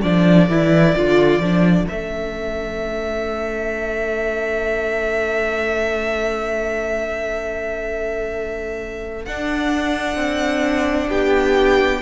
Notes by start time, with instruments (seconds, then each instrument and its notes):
0.00 cello F3, viola D4, violin A4 D5
0.49 cello E3, viola E4
0.96 cello D3, viola F4
1.40 cello F3, viola D4
1.88 cello A3, viola C#4, violin E5
9.25 cello D4, viola D4, violin F#5
10.16 cello C4
11.09 cello B3, violin G4 G5